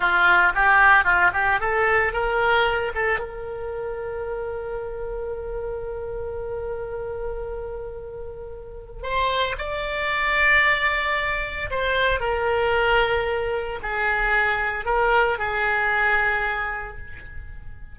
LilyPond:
\new Staff \with { instrumentName = "oboe" } { \time 4/4 \tempo 4 = 113 f'4 g'4 f'8 g'8 a'4 | ais'4. a'8 ais'2~ | ais'1~ | ais'1~ |
ais'4 c''4 d''2~ | d''2 c''4 ais'4~ | ais'2 gis'2 | ais'4 gis'2. | }